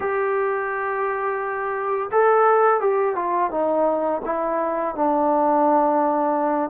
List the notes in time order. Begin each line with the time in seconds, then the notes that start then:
0.00 G4
2.11 A4
2.80 G4
3.15 F4
3.51 D#4
4.25 E4
4.95 D4